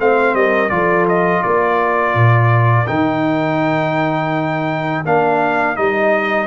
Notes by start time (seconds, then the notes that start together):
0.00 A3 C4 C5 F5
0.35 G3 A#4 D#5
0.70 F3 F4 A4 D5
1.09 D#5
1.43 A#3 A#4 D5
2.15 A#2
2.87 D#3 D#4 G5
5.06 A#3 D4 F5
5.76 G3 D#4 D#5